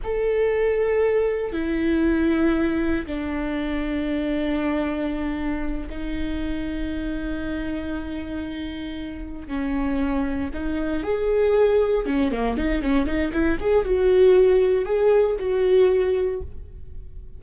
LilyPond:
\new Staff \with { instrumentName = "viola" } { \time 4/4 \tempo 4 = 117 a'2. e'4~ | e'2 d'2~ | d'2.~ d'8 dis'8~ | dis'1~ |
dis'2~ dis'8 cis'4.~ | cis'8 dis'4 gis'2 cis'8 | ais8 dis'8 cis'8 dis'8 e'8 gis'8 fis'4~ | fis'4 gis'4 fis'2 | }